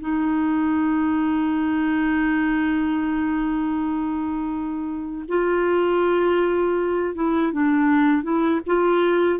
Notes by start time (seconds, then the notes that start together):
0.00 D#4
5.28 F4
7.15 E4
7.52 D4
8.23 E4
8.66 F4